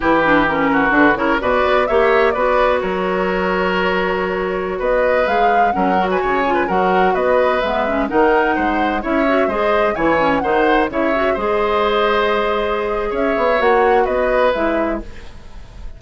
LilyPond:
<<
  \new Staff \with { instrumentName = "flute" } { \time 4/4 \tempo 4 = 128 b'4 ais'4 b'8 cis''8 d''4 | e''4 d''4 cis''2~ | cis''2~ cis''16 dis''4 f''8.~ | f''16 fis''8. gis''4~ gis''16 fis''4 dis''8.~ |
dis''16 e''4 fis''2 e''8.~ | e''16 dis''4 gis''4 fis''4 e''8.~ | e''16 dis''2.~ dis''8. | e''4 fis''4 dis''4 e''4 | }
  \new Staff \with { instrumentName = "oboe" } { \time 4/4 g'4. fis'4 ais'8 b'4 | cis''4 b'4 ais'2~ | ais'2~ ais'16 b'4.~ b'16~ | b'16 ais'8. b'16 cis''8. b'16 ais'4 b'8.~ |
b'4~ b'16 ais'4 c''4 cis''8.~ | cis''16 c''4 cis''4 c''4 cis''8.~ | cis''16 c''2.~ c''8. | cis''2 b'2 | }
  \new Staff \with { instrumentName = "clarinet" } { \time 4/4 e'8 d'8 cis'4 d'8 e'8 fis'4 | g'4 fis'2.~ | fis'2.~ fis'16 gis'8.~ | gis'16 cis'8 fis'4 f'8 fis'4.~ fis'16~ |
fis'16 b8 cis'8 dis'2 e'8 fis'16~ | fis'16 gis'4 e'8 cis'8 dis'4 e'8 fis'16~ | fis'16 gis'2.~ gis'8.~ | gis'4 fis'2 e'4 | }
  \new Staff \with { instrumentName = "bassoon" } { \time 4/4 e2 d8 cis8 b,8 b8 | ais4 b4 fis2~ | fis2~ fis16 b4 gis8.~ | gis16 fis4 cis4 fis4 b8.~ |
b16 gis4 dis4 gis4 cis'8.~ | cis'16 gis4 e4 dis4 cis8.~ | cis16 gis2.~ gis8. | cis'8 b8 ais4 b4 gis4 | }
>>